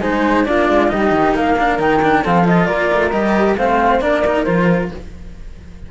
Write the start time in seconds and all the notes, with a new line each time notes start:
0.00 G#3 D#4 G#4 C5
0.45 A#3 D4 F4 D5
0.69 G#3
0.88 G3 D#4 G4 D#5
1.11 D#3
1.35 A#3 A#4 F5
1.58 D4
1.78 D#3 D#4 G5
2.02 D4
2.23 F3 C4 A4 F5
2.44 F4 D#5
2.66 A#3 A#4 D5
2.93 A3
3.11 G3 G4 D#5
3.56 A3 C4 C5 F5
3.99 A#3 D4 A#4 D5
4.26 D#4
4.44 F3 F4 C5